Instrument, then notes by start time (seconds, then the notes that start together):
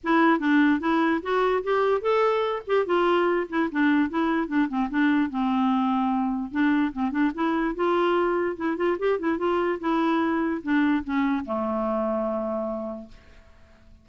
clarinet
0.03 E4
0.39 D4
0.80 E4
1.22 F#4
1.63 G4
2.01 A4
2.66 G4
2.86 F4
3.49 E4
3.71 D4
4.09 E4
4.47 D4
4.68 C4
4.90 D4
5.29 C4
6.51 D4
6.92 C4
7.11 D4
7.34 E4
7.75 F4
8.56 E4
8.77 F4
8.98 G4
9.19 E4
9.38 F4
9.80 E4
10.63 D4
11.04 C#4
11.45 A3